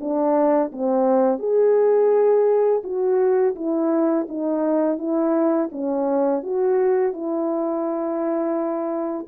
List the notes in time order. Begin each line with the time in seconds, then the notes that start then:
0.00 D4
0.72 C4
1.39 G#4
2.84 F#4
3.56 E4
4.29 D#4
4.98 E4
5.72 C#4
6.43 F#4
7.13 E4